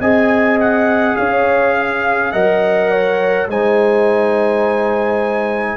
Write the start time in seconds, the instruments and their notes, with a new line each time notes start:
0.00 tuba C4, trombone G#4, horn D#5, trumpet G#5
0.60 trumpet F#5
1.16 tuba C#4, horn C#5, trumpet F5
1.77 horn F5
2.32 tuba F#3, trombone A#4, horn D#5, trumpet F#5
2.91 horn C#5
3.48 tuba G#3, trombone D#4, horn C5, trumpet G#5